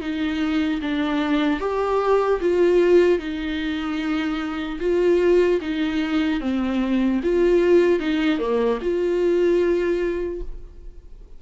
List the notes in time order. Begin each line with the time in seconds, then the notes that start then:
0.00 D#4
0.81 D4
1.60 G4
2.40 F4
3.18 D#4
4.80 F4
5.61 D#4
6.40 C4
7.23 F4
7.99 D#4
8.38 A#3
8.81 F4